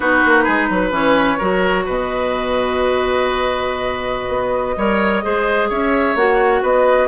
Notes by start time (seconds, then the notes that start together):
0.00 B3 D#4 F#4 B4
0.25 A#3
0.44 G#3 G#4
0.69 F#3 B4
0.91 E3 C#4 C#5
1.38 F#3 F#4 A#4
1.85 B2 B4 D#5
4.28 B3
4.76 G3 A#4 C#5
5.23 G#3 G#4 C5
5.69 C#4 C#5 E5
6.15 A#3 F#4 F#5
6.62 B3 B4 D#5